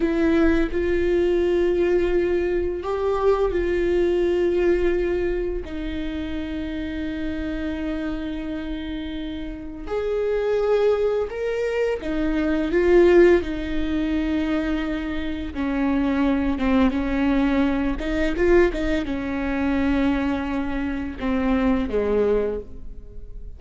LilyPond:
\new Staff \with { instrumentName = "viola" } { \time 4/4 \tempo 4 = 85 e'4 f'2. | g'4 f'2. | dis'1~ | dis'2 gis'2 |
ais'4 dis'4 f'4 dis'4~ | dis'2 cis'4. c'8 | cis'4. dis'8 f'8 dis'8 cis'4~ | cis'2 c'4 gis4 | }